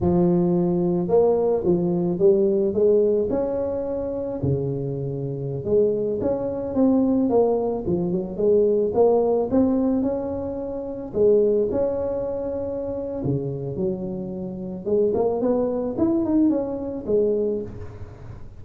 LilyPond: \new Staff \with { instrumentName = "tuba" } { \time 4/4 \tempo 4 = 109 f2 ais4 f4 | g4 gis4 cis'2 | cis2~ cis16 gis4 cis'8.~ | cis'16 c'4 ais4 f8 fis8 gis8.~ |
gis16 ais4 c'4 cis'4.~ cis'16~ | cis'16 gis4 cis'2~ cis'8. | cis4 fis2 gis8 ais8 | b4 e'8 dis'8 cis'4 gis4 | }